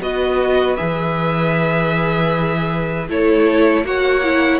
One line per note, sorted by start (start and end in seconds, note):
0.00 0.77 B3
0.00 0.77 F#4
0.00 3.08 B4
0.00 0.76 D#5
0.76 3.08 E3
0.76 3.08 G#4
0.76 3.07 E5
3.08 3.84 A3
3.08 3.84 E4
3.08 3.85 A4
3.08 3.86 C#5
3.84 4.60 A#3
3.84 4.23 F#4
3.84 4.60 C#5
3.84 4.60 F#5
4.23 4.60 E4